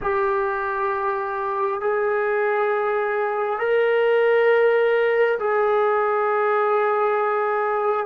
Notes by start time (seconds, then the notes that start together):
0.01 G4
1.81 G#4
3.59 A#4
5.39 G#4